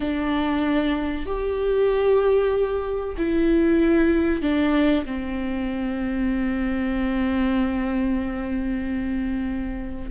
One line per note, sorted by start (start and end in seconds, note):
0.00 1.26 D4
1.26 3.15 G4
3.17 4.42 E4
4.42 5.05 D4
5.05 10.11 C4